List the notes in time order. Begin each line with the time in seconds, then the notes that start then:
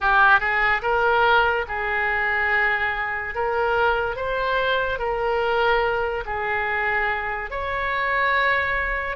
0.00 G4
0.39 G#4
0.82 A#4
1.67 G#4
3.34 A#4
4.16 C5
4.98 A#4
6.25 G#4
7.50 C#5